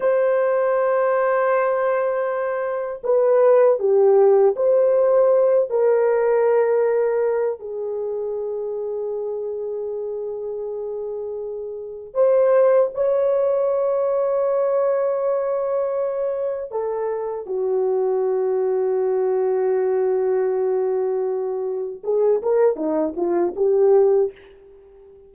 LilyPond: \new Staff \with { instrumentName = "horn" } { \time 4/4 \tempo 4 = 79 c''1 | b'4 g'4 c''4. ais'8~ | ais'2 gis'2~ | gis'1 |
c''4 cis''2.~ | cis''2 a'4 fis'4~ | fis'1~ | fis'4 gis'8 ais'8 dis'8 f'8 g'4 | }